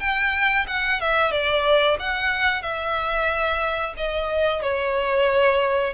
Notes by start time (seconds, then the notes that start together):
0.00 G5
0.68 F#5
1.01 E5
1.32 D5
2.00 F#5
2.63 E5
3.97 D#5
4.62 C#5